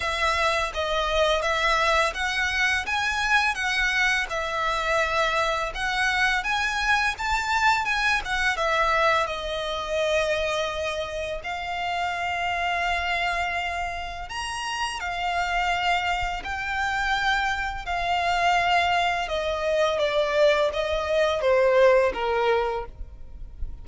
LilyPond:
\new Staff \with { instrumentName = "violin" } { \time 4/4 \tempo 4 = 84 e''4 dis''4 e''4 fis''4 | gis''4 fis''4 e''2 | fis''4 gis''4 a''4 gis''8 fis''8 | e''4 dis''2. |
f''1 | ais''4 f''2 g''4~ | g''4 f''2 dis''4 | d''4 dis''4 c''4 ais'4 | }